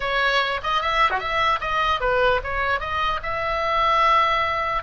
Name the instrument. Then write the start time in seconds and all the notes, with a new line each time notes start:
oboe
0.00 C#5
0.63 D#5
0.81 E5
1.10 F#4
1.19 E5
1.60 D#5
2.00 B4
2.43 C#5
2.79 D#5
3.22 E5